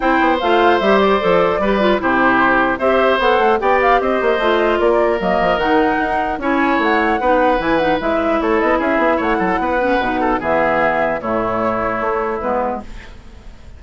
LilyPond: <<
  \new Staff \with { instrumentName = "flute" } { \time 4/4 \tempo 4 = 150 g''4 f''4 e''8 d''4.~ | d''4 c''2 e''4 | fis''4 g''8 f''8 dis''2 | d''4 dis''4 fis''2 |
gis''4 fis''2 gis''8 fis''8 | e''4 cis''8 dis''8 e''4 fis''4~ | fis''2 e''2 | cis''2. b'4 | }
  \new Staff \with { instrumentName = "oboe" } { \time 4/4 c''1 | b'4 g'2 c''4~ | c''4 d''4 c''2 | ais'1 |
cis''2 b'2~ | b'4 a'4 gis'4 cis''8 a'8 | b'4. a'8 gis'2 | e'1 | }
  \new Staff \with { instrumentName = "clarinet" } { \time 4/4 e'4 f'4 g'4 a'4 | g'8 f'8 e'2 g'4 | a'4 g'2 f'4~ | f'4 ais4 dis'2 |
e'2 dis'4 e'8 dis'8 | e'1~ | e'8 cis'8 dis'4 b2 | a2. b4 | }
  \new Staff \with { instrumentName = "bassoon" } { \time 4/4 c'8 b8 a4 g4 f4 | g4 c2 c'4 | b8 a8 b4 c'8 ais8 a4 | ais4 fis8 f8 dis4 dis'4 |
cis'4 a4 b4 e4 | gis4 a8 b8 cis'8 b8 a8 fis8 | b4 b,4 e2 | a,2 a4 gis4 | }
>>